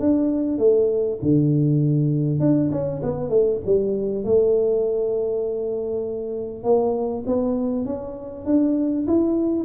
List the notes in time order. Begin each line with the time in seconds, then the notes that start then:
0.00 D4
0.58 A3
1.23 D3
2.40 D4
2.72 C#4
3.03 B3
3.30 A3
3.66 G3
4.25 A3
6.64 A#3
7.26 B3
7.86 C#4
8.46 D4
9.07 E4